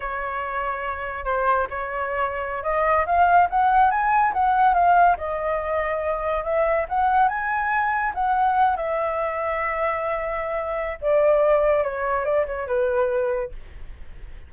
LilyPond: \new Staff \with { instrumentName = "flute" } { \time 4/4 \tempo 4 = 142 cis''2. c''4 | cis''2~ cis''16 dis''4 f''8.~ | f''16 fis''4 gis''4 fis''4 f''8.~ | f''16 dis''2. e''8.~ |
e''16 fis''4 gis''2 fis''8.~ | fis''8. e''2.~ e''16~ | e''2 d''2 | cis''4 d''8 cis''8 b'2 | }